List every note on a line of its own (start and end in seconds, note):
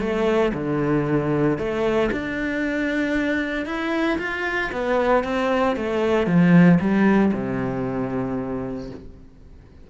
0.00 0.52 A3
0.54 1.58 D3
1.58 2.11 A3
2.12 3.66 D4
3.66 4.18 E4
4.19 4.71 F4
4.72 5.24 B3
5.24 5.76 C4
5.76 6.27 A3
6.27 6.79 F3
6.80 7.33 G3
7.34 8.90 C3